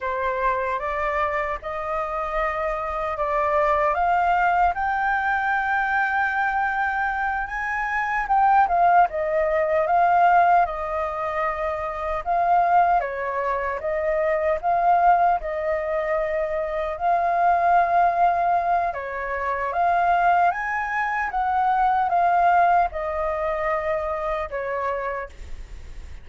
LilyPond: \new Staff \with { instrumentName = "flute" } { \time 4/4 \tempo 4 = 76 c''4 d''4 dis''2 | d''4 f''4 g''2~ | g''4. gis''4 g''8 f''8 dis''8~ | dis''8 f''4 dis''2 f''8~ |
f''8 cis''4 dis''4 f''4 dis''8~ | dis''4. f''2~ f''8 | cis''4 f''4 gis''4 fis''4 | f''4 dis''2 cis''4 | }